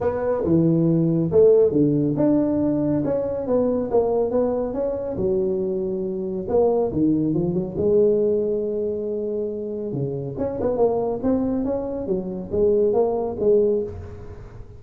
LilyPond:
\new Staff \with { instrumentName = "tuba" } { \time 4/4 \tempo 4 = 139 b4 e2 a4 | d4 d'2 cis'4 | b4 ais4 b4 cis'4 | fis2. ais4 |
dis4 f8 fis8 gis2~ | gis2. cis4 | cis'8 b8 ais4 c'4 cis'4 | fis4 gis4 ais4 gis4 | }